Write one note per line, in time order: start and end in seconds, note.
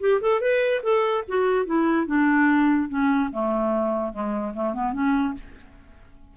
0.00 0.21 G4
0.21 0.40 A4
0.40 0.81 B4
0.83 1.24 A4
1.28 1.65 F#4
1.65 2.06 E4
2.06 2.88 D4
2.89 3.30 C#4
3.32 4.12 A3
4.12 4.53 G#3
4.54 4.73 A3
4.73 4.93 B3
4.93 5.34 C#4